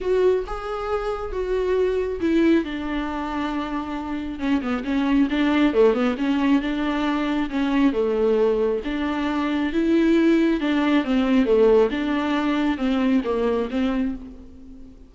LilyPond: \new Staff \with { instrumentName = "viola" } { \time 4/4 \tempo 4 = 136 fis'4 gis'2 fis'4~ | fis'4 e'4 d'2~ | d'2 cis'8 b8 cis'4 | d'4 a8 b8 cis'4 d'4~ |
d'4 cis'4 a2 | d'2 e'2 | d'4 c'4 a4 d'4~ | d'4 c'4 ais4 c'4 | }